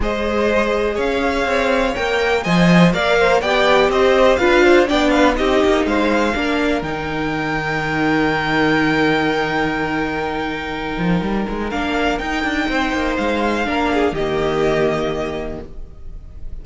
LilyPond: <<
  \new Staff \with { instrumentName = "violin" } { \time 4/4 \tempo 4 = 123 dis''2 f''2 | g''4 gis''4 f''4 g''4 | dis''4 f''4 g''8 f''8 dis''4 | f''2 g''2~ |
g''1~ | g''1 | f''4 g''2 f''4~ | f''4 dis''2. | }
  \new Staff \with { instrumentName = "violin" } { \time 4/4 c''2 cis''2~ | cis''4 dis''4 d''8 c''8 d''4 | c''4 b'8 c''8 d''8 b'8 g'4 | c''4 ais'2.~ |
ais'1~ | ais'1~ | ais'2 c''2 | ais'8 gis'8 g'2. | }
  \new Staff \with { instrumentName = "viola" } { \time 4/4 gis'1 | ais'4 c''4 ais'4 g'4~ | g'4 f'4 d'4 dis'4~ | dis'4 d'4 dis'2~ |
dis'1~ | dis'1 | d'4 dis'2. | d'4 ais2. | }
  \new Staff \with { instrumentName = "cello" } { \time 4/4 gis2 cis'4 c'4 | ais4 f4 ais4 b4 | c'4 d'4 b4 c'8 ais8 | gis4 ais4 dis2~ |
dis1~ | dis2~ dis8 f8 g8 gis8 | ais4 dis'8 d'8 c'8 ais8 gis4 | ais4 dis2. | }
>>